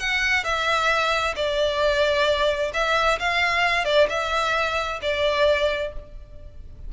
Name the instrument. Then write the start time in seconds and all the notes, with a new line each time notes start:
violin
0.00 F#5
0.44 E5
1.36 D5
2.74 E5
3.20 F5
3.85 D5
4.10 E5
5.02 D5